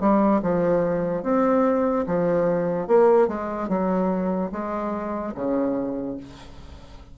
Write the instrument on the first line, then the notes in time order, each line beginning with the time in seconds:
bassoon
0.00 G3
0.42 F3
1.23 C4
2.07 F3
2.87 A#3
3.28 G#3
3.69 F#3
4.52 G#3
5.35 C#3